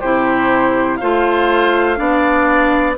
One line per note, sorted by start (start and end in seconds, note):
0.00 1.01 C3
0.00 1.01 E4
0.00 0.98 G4
0.00 0.97 C5
0.97 1.99 A3
0.97 1.96 F4
0.97 1.99 C5
0.97 2.93 F5
1.96 2.97 B3
1.96 2.94 D4
1.96 2.97 D5